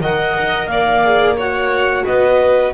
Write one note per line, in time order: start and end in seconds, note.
0.00 0.34 D#3
0.00 1.03 A#4
0.00 0.69 D#5
0.00 0.66 F#5
0.38 0.66 D#4
0.66 2.03 A#3
0.66 1.36 D5
0.66 1.34 F5
1.03 1.37 G#4
1.36 2.73 F#4
1.36 2.04 C#5
1.36 2.05 F#5
2.05 2.73 B3
2.05 2.73 B4
2.05 2.73 D#5